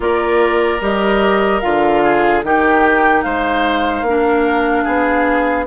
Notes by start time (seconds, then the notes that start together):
0.00 A#3 F4 A#4 D5
0.80 G3 G4 D#5
1.60 D3 F4 F5
2.03 G#4
2.43 D#3 D#4 G4 G5
3.22 G#3 C5 F5
4.02 A#3 D4
4.09 A#4
4.83 B3 G#4